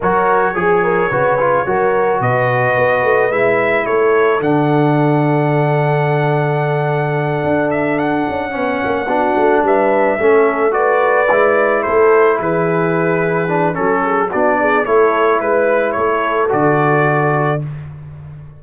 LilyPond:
<<
  \new Staff \with { instrumentName = "trumpet" } { \time 4/4 \tempo 4 = 109 cis''1 | dis''2 e''4 cis''4 | fis''1~ | fis''2 e''8 fis''4.~ |
fis''4. e''2 d''8~ | d''4. c''4 b'4.~ | b'4 a'4 d''4 cis''4 | b'4 cis''4 d''2 | }
  \new Staff \with { instrumentName = "horn" } { \time 4/4 ais'4 gis'8 ais'8 b'4 ais'4 | b'2. a'4~ | a'1~ | a'2.~ a'8 cis''8~ |
cis''8 fis'4 b'4 a'4 b'8~ | b'4. a'4 gis'4.~ | gis'4 a'8 gis'8 fis'8 gis'8 a'4 | b'4 a'2. | }
  \new Staff \with { instrumentName = "trombone" } { \time 4/4 fis'4 gis'4 fis'8 f'8 fis'4~ | fis'2 e'2 | d'1~ | d'2.~ d'8 cis'8~ |
cis'8 d'2 cis'4 fis'8~ | fis'8 e'2.~ e'8~ | e'8 d'8 cis'4 d'4 e'4~ | e'2 fis'2 | }
  \new Staff \with { instrumentName = "tuba" } { \time 4/4 fis4 f4 cis4 fis4 | b,4 b8 a8 gis4 a4 | d1~ | d4. d'4. cis'8 b8 |
ais8 b8 a8 g4 a4.~ | a8 gis4 a4 e4.~ | e4 fis4 b4 a4 | gis4 a4 d2 | }
>>